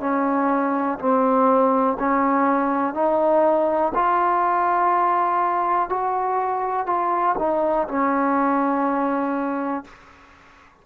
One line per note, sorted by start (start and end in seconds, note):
0.00 0.98 C#4
0.99 1.97 C4
1.99 2.94 C#4
2.94 3.93 D#4
3.95 5.89 F4
5.89 6.86 F#4
6.86 7.35 F4
7.39 7.88 D#4
7.88 9.85 C#4